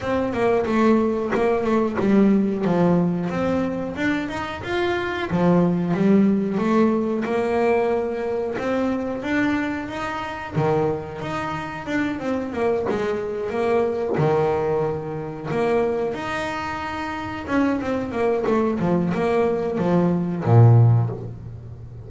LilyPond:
\new Staff \with { instrumentName = "double bass" } { \time 4/4 \tempo 4 = 91 c'8 ais8 a4 ais8 a8 g4 | f4 c'4 d'8 dis'8 f'4 | f4 g4 a4 ais4~ | ais4 c'4 d'4 dis'4 |
dis4 dis'4 d'8 c'8 ais8 gis8~ | gis8 ais4 dis2 ais8~ | ais8 dis'2 cis'8 c'8 ais8 | a8 f8 ais4 f4 ais,4 | }